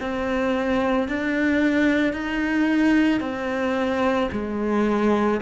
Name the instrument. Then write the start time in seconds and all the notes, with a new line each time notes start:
cello
0.00 C4
1.09 D4
2.13 D#4
3.20 C4
4.32 G#3